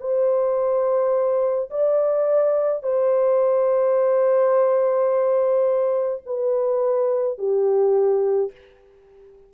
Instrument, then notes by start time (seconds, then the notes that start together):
horn
0.00 C5
1.70 D5
2.83 C5
6.26 B4
7.38 G4